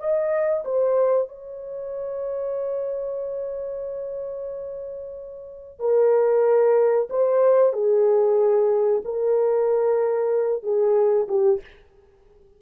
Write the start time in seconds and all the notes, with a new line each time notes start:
0.00 D#5
0.65 C5
1.28 C#5
5.80 A#4
7.11 C5
7.74 G#4
9.05 A#4
10.64 G#4
11.29 G4